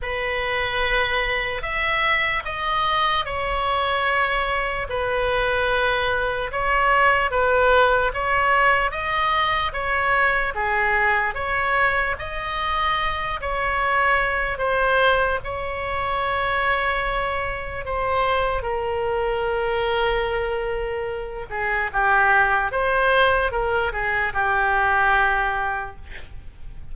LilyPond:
\new Staff \with { instrumentName = "oboe" } { \time 4/4 \tempo 4 = 74 b'2 e''4 dis''4 | cis''2 b'2 | cis''4 b'4 cis''4 dis''4 | cis''4 gis'4 cis''4 dis''4~ |
dis''8 cis''4. c''4 cis''4~ | cis''2 c''4 ais'4~ | ais'2~ ais'8 gis'8 g'4 | c''4 ais'8 gis'8 g'2 | }